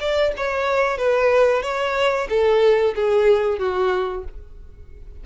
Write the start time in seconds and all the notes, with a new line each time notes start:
0.00 D5
0.37 C#5
0.98 B4
1.62 C#5
2.29 A4
2.95 G#4
3.59 F#4